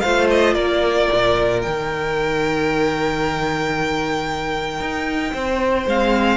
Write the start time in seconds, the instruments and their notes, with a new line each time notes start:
0.00 cello A3, viola F4, violin C5 F5
0.30 violin D#5
0.53 cello A#3, violin A#4 D5
1.12 cello A#2
1.61 cello D#3, viola D#4, violin G5
4.80 cello D#4
5.33 cello C4, violin C5
5.86 cello G#3, viola C4, violin F5